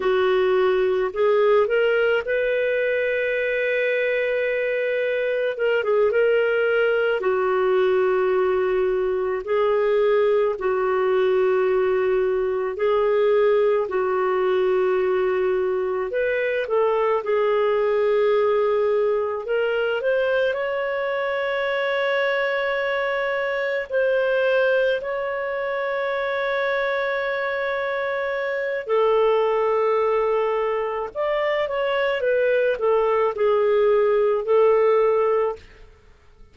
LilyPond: \new Staff \with { instrumentName = "clarinet" } { \time 4/4 \tempo 4 = 54 fis'4 gis'8 ais'8 b'2~ | b'4 ais'16 gis'16 ais'4 fis'4.~ | fis'8 gis'4 fis'2 gis'8~ | gis'8 fis'2 b'8 a'8 gis'8~ |
gis'4. ais'8 c''8 cis''4.~ | cis''4. c''4 cis''4.~ | cis''2 a'2 | d''8 cis''8 b'8 a'8 gis'4 a'4 | }